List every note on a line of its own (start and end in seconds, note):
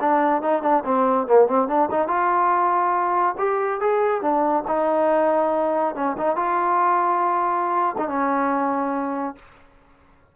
0.00 0.42 D4
0.42 0.62 D#4
0.62 0.83 D4
0.84 1.27 C4
1.27 1.47 A#3
1.47 1.68 C4
1.68 1.89 D4
1.90 2.07 D#4
2.07 3.35 F4
3.37 3.80 G4
3.80 4.21 G#4
4.21 4.64 D4
4.67 5.95 D#4
5.95 6.16 C#4
6.17 6.36 D#4
6.36 7.95 F4
7.97 8.08 D#4
8.08 9.35 C#4